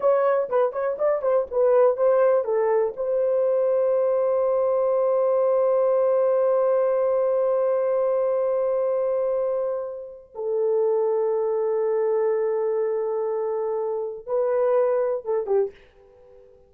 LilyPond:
\new Staff \with { instrumentName = "horn" } { \time 4/4 \tempo 4 = 122 cis''4 b'8 cis''8 d''8 c''8 b'4 | c''4 a'4 c''2~ | c''1~ | c''1~ |
c''1~ | c''4 a'2.~ | a'1~ | a'4 b'2 a'8 g'8 | }